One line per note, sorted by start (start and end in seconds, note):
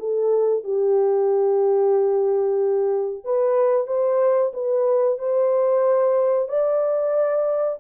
0.00 0.64 A4
0.64 3.25 G4
3.25 3.87 B4
3.87 4.53 C5
4.54 5.19 B4
5.19 6.49 C5
6.49 7.80 D5